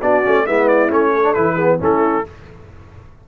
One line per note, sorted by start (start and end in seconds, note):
0.00 0.24 B3
0.00 0.23 D4
0.00 0.45 F#4
0.00 0.46 D5
0.23 0.46 A3
0.23 0.46 C#4
0.46 0.90 G#3
0.46 0.89 B3
0.46 1.13 E4
0.46 0.68 E5
0.68 0.90 D5
0.89 1.35 A3
0.89 1.22 C#4
0.89 1.33 C#5
1.14 1.55 A4
1.22 1.34 D4
1.33 1.80 E3
1.33 1.56 E4
1.33 1.78 B4
1.55 1.79 B3
1.55 1.77 G#4
1.79 2.25 A3
1.79 2.24 C#4
1.79 2.26 E4
1.79 2.27 A4